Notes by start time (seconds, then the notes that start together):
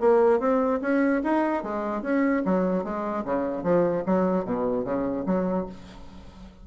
0.00 A#3
0.40 C4
0.82 C#4
1.24 D#4
1.63 G#3
2.02 C#4
2.45 F#3
2.84 G#3
3.25 C#3
3.63 F3
4.06 F#3
4.45 B2
4.84 C#3
5.26 F#3